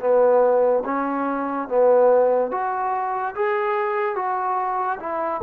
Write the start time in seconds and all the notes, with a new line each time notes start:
0.00 B3
0.85 C#4
1.68 B3
2.51 F#4
3.35 G#4
4.16 F#4
5.00 E4